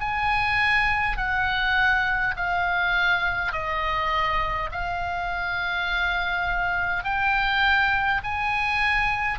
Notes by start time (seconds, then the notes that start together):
0.00 G#5
1.17 F#5
2.36 F5
3.52 D#5
4.71 F5
7.04 G5
8.23 G#5